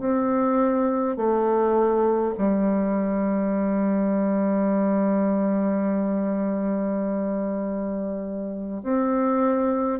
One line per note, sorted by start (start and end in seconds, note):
0.00 1.17 C4
1.17 2.34 A3
2.37 8.83 G3
8.83 10.00 C4